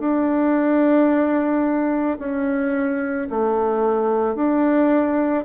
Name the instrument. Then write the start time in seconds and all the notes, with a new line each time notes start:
bassoon
0.00 D4
2.19 C#4
3.30 A3
4.35 D4